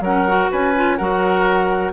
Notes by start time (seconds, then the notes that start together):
0.00 F#3 C#4 A#4 F#5
0.27 F#4
0.51 C#4 B4 G#5
0.75 F4
0.97 F#3 F#4 A#4 F#5